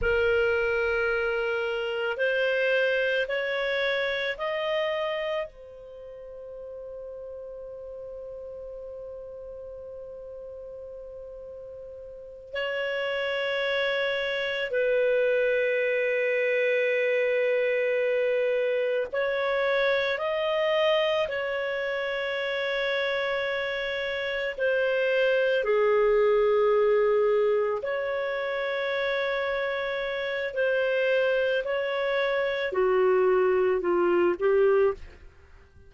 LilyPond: \new Staff \with { instrumentName = "clarinet" } { \time 4/4 \tempo 4 = 55 ais'2 c''4 cis''4 | dis''4 c''2.~ | c''2.~ c''8 cis''8~ | cis''4. b'2~ b'8~ |
b'4. cis''4 dis''4 cis''8~ | cis''2~ cis''8 c''4 gis'8~ | gis'4. cis''2~ cis''8 | c''4 cis''4 fis'4 f'8 g'8 | }